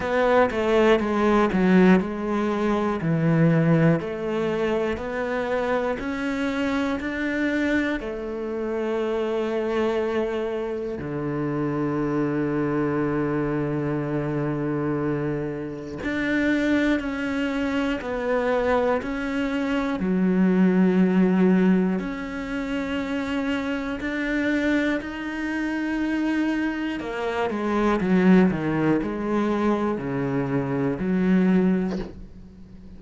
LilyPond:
\new Staff \with { instrumentName = "cello" } { \time 4/4 \tempo 4 = 60 b8 a8 gis8 fis8 gis4 e4 | a4 b4 cis'4 d'4 | a2. d4~ | d1 |
d'4 cis'4 b4 cis'4 | fis2 cis'2 | d'4 dis'2 ais8 gis8 | fis8 dis8 gis4 cis4 fis4 | }